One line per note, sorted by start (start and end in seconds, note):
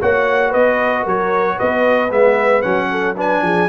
0.00 0.54 A#3
0.00 2.10 F#4
0.00 0.48 C#5
0.00 0.53 F#5
0.48 1.05 B3
0.48 1.01 B4
0.48 1.05 D#5
1.02 1.58 F#3
1.02 1.55 A#4
1.02 1.58 C#5
1.55 2.10 B3
1.55 2.87 B4
1.55 2.11 D#5
2.10 2.63 G#3
2.10 2.62 B3
2.10 2.61 E5
2.61 3.41 F#3
2.61 3.14 C#4
2.61 3.14 F#5
2.90 3.16 A4
3.16 3.69 D4
3.16 3.42 B4
3.16 3.69 G#5
3.41 3.68 F3
3.41 3.69 G#4